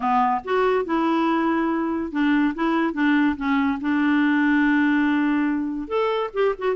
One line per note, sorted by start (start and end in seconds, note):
0.00 0.41 B3
0.44 0.85 F#4
0.85 2.11 E4
2.11 2.54 D4
2.54 2.93 E4
2.93 3.36 D4
3.36 3.79 C#4
3.80 5.88 D4
5.88 6.30 A4
6.33 6.55 G4
6.58 6.75 F#4